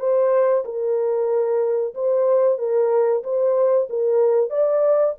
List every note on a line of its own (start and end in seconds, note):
0.00 0.65 C5
0.65 1.94 A#4
1.95 2.59 C5
2.59 3.23 A#4
3.24 3.89 C5
3.90 4.50 A#4
4.50 5.15 D5